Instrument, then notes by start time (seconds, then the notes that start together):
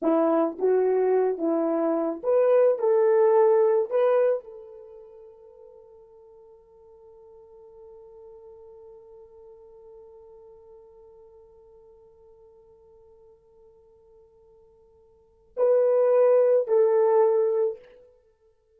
horn
0.02 E4
0.58 F#4
1.38 E4
2.23 B4
2.78 A4
3.89 B4
4.44 A4
15.56 B4
16.67 A4